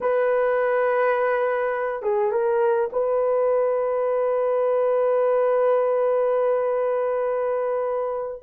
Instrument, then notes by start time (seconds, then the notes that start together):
horn
0.01 B4
2.02 G#4
2.31 A#4
2.92 B4